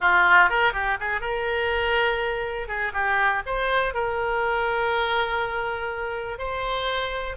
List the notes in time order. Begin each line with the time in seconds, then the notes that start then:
0.00 F4
0.49 A#4
0.72 G4
0.99 G#4
1.20 A#4
2.67 G#4
2.93 G4
3.46 C5
3.94 A#4
6.38 C5